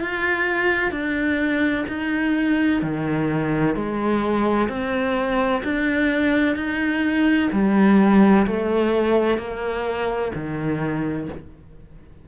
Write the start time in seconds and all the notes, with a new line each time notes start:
0.00 F4
0.91 D4
1.88 D#4
2.82 D#3
3.75 G#3
4.68 C4
5.63 D4
6.55 D#4
7.52 G3
8.46 A3
9.37 A#3
10.34 D#3